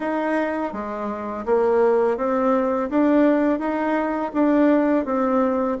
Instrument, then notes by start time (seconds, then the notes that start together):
bassoon
0.00 D#4
0.72 G#3
1.45 A#3
2.17 C4
2.90 D4
3.59 D#4
4.33 D4
5.05 C4